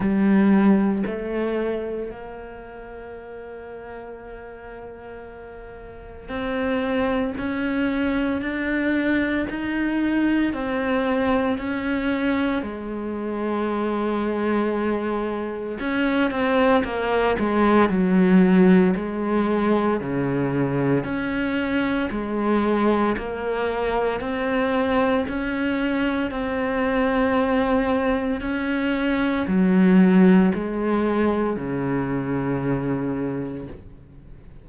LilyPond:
\new Staff \with { instrumentName = "cello" } { \time 4/4 \tempo 4 = 57 g4 a4 ais2~ | ais2 c'4 cis'4 | d'4 dis'4 c'4 cis'4 | gis2. cis'8 c'8 |
ais8 gis8 fis4 gis4 cis4 | cis'4 gis4 ais4 c'4 | cis'4 c'2 cis'4 | fis4 gis4 cis2 | }